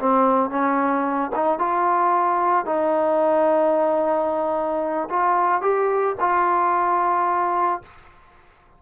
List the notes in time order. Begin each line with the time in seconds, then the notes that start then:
0.00 C4
0.50 C#4
1.36 D#4
1.59 F4
2.66 D#4
5.10 F4
5.62 G4
6.20 F4